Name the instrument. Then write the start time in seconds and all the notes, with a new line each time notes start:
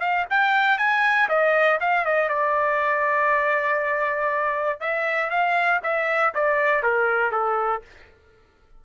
trumpet
0.00 F5
0.30 G5
0.78 G#5
1.29 D#5
1.80 F5
2.05 D#5
2.29 D5
4.81 E5
5.30 F5
5.83 E5
6.34 D5
6.83 A#4
7.32 A4